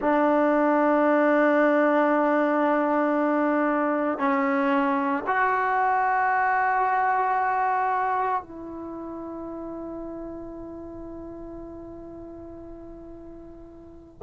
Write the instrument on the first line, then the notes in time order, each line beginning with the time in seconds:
trombone
0.00 D4
4.18 C#4
5.26 F#4
8.42 E4